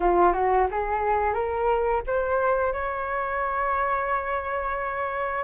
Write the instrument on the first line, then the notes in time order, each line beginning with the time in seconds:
flute
0.00 F4
0.33 F#4
0.70 G#4
1.33 A#4
2.06 C5
2.72 C#5